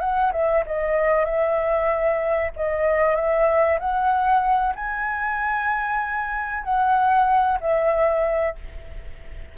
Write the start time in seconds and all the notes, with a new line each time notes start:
0.00 F#5
0.32 E5
0.66 D#5
1.25 E5
2.56 D#5
3.16 E5
3.80 F#5
4.75 G#5
6.64 F#5
7.60 E5